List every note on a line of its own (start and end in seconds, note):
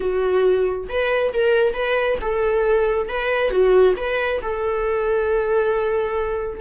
0.00 0.88 F#4
0.88 1.32 B4
1.33 1.73 A#4
1.73 2.17 B4
2.21 3.08 A4
3.08 3.50 B4
3.50 3.94 F#4
3.97 4.41 B4
4.42 6.60 A4